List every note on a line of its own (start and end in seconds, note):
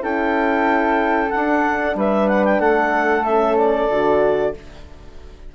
0.00 1.31 C#4
0.00 1.29 E4
0.00 1.96 A4
0.00 1.30 G5
1.30 3.26 D4
1.30 1.95 D4
1.30 1.94 F#5
1.95 2.59 G3
1.95 2.60 B4
1.95 2.28 E5
2.28 2.44 F#5
2.44 2.60 G5
2.59 3.88 A3
2.59 4.53 A4
2.59 3.24 F#5
3.24 3.90 C#4
3.24 3.56 E5
3.57 4.54 D5
3.89 4.54 D3
3.89 4.55 F#4